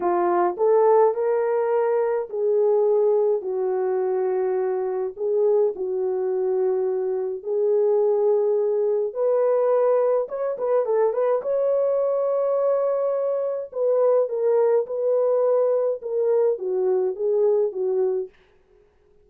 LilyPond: \new Staff \with { instrumentName = "horn" } { \time 4/4 \tempo 4 = 105 f'4 a'4 ais'2 | gis'2 fis'2~ | fis'4 gis'4 fis'2~ | fis'4 gis'2. |
b'2 cis''8 b'8 a'8 b'8 | cis''1 | b'4 ais'4 b'2 | ais'4 fis'4 gis'4 fis'4 | }